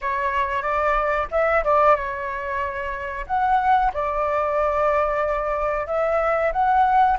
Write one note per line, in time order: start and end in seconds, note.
0.01 0.62 C#5
0.62 1.27 D5
1.31 1.63 E5
1.64 1.95 D5
1.95 3.25 C#5
3.26 3.91 F#5
3.93 5.87 D5
5.87 6.52 E5
6.52 7.17 F#5